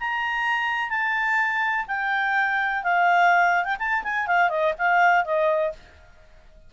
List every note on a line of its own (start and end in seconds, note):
0.00 0.90 A#5
0.90 1.86 A5
1.88 2.84 G5
2.84 3.65 F5
3.65 3.77 G5
3.79 4.03 A5
4.04 4.27 G#5
4.27 4.50 F5
4.50 4.74 D#5
4.78 5.25 F5
5.25 5.73 D#5